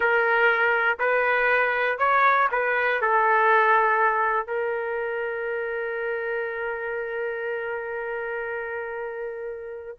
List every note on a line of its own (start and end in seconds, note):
0.00 0.98 A#4
0.99 1.98 B4
1.98 2.48 C#5
2.51 3.01 B4
3.01 4.46 A4
4.46 9.96 A#4